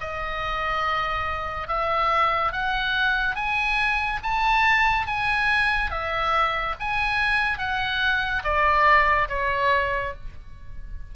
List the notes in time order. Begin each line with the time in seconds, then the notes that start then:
0.00 D#5
1.67 E5
2.52 F#5
3.35 G#5
4.23 A5
5.06 G#5
5.90 E5
6.80 G#5
7.58 F#5
8.44 D5
9.28 C#5